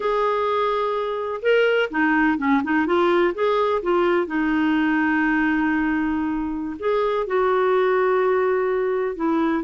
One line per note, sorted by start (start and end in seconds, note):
0.00 1.41 G#4
1.42 1.89 A#4
1.90 2.38 D#4
2.38 2.62 C#4
2.63 2.86 D#4
2.86 3.34 F4
3.34 3.82 G#4
3.82 4.27 F4
4.27 6.77 D#4
6.79 7.26 G#4
7.26 9.16 F#4
9.16 9.63 E4